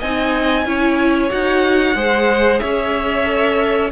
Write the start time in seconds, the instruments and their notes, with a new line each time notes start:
0.00 cello C4, viola D#4, violin D#5 G#5
0.66 cello C#4, viola E4, violin C#5
1.30 cello D#4, viola F#4, violin F#5
1.96 cello G#3, viola G#4, violin C5
2.60 cello C#4, violin C#5 E5
3.25 viola A4